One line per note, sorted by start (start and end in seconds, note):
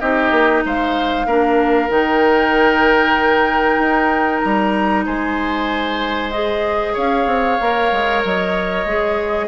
0.00 0.31 C4
0.00 1.27 D#4
0.00 0.64 G4
0.00 0.63 D#5
0.31 0.63 A#3
0.65 1.26 G#3
0.65 1.27 C5
0.65 1.91 F5
1.26 1.89 A#3
1.26 1.89 D4
1.26 5.06 A#4
1.89 3.79 D#3
1.89 6.31 D#4
1.89 4.40 G5
3.79 4.42 D#4
4.40 5.07 G3
4.40 5.03 A#5
5.06 6.96 G#3
5.06 6.93 C5
5.06 6.32 G#5
6.32 7.59 G#4
6.32 6.95 D#5
6.93 7.26 C#4
6.93 9.46 C#5
6.93 8.23 F5
7.26 7.58 C4
7.60 7.92 A#3
7.60 8.87 A#4
7.92 8.24 G#3
8.25 8.85 F#3
8.25 9.49 D#5
8.85 9.48 G#3
8.85 9.49 G#4